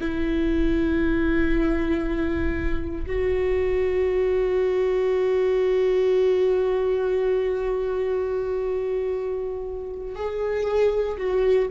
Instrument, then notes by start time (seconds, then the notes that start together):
viola
0.00 E4
3.06 F#4
10.15 G#4
11.17 F#4